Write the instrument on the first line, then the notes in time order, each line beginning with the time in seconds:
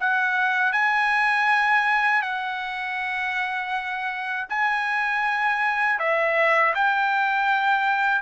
trumpet
0.00 F#5
0.73 G#5
2.22 F#5
4.49 G#5
5.99 E5
6.75 G5